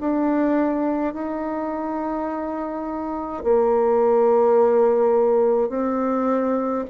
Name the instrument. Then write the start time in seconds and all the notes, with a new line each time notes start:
bassoon
0.00 D4
1.14 D#4
3.44 A#3
5.69 C4